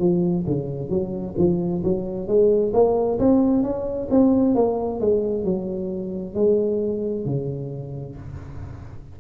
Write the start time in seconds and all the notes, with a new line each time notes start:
0.00 F3
0.47 C#3
0.90 F#3
1.38 F3
1.84 F#3
2.28 G#3
2.74 A#3
3.19 C4
3.63 C#4
4.11 C4
4.55 A#3
5.01 G#3
5.45 F#3
6.35 G#3
7.26 C#3